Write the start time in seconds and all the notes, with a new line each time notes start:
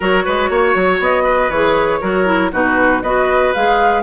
0.00 F#3 F#4 A#4 C#5
0.24 G#3 B4
0.49 A#3 C#5
0.75 F#3
0.99 B3 D#5
1.23 B4
1.49 E3 G#4 C#5
2.00 F#3 F#4 A#4
2.25 E4
2.52 B2 D#4 F#4 B4
3.02 B3 F#4 B4 D#5
3.53 G#3 G#4 F5